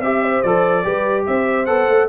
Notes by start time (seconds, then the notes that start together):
0.00 C4 G4 E5
0.22 C5
0.42 F3 A4 D5
0.83 G3 G4 B4
1.26 C4 C5 E5
1.66 B3 A4 F#5
1.88 A3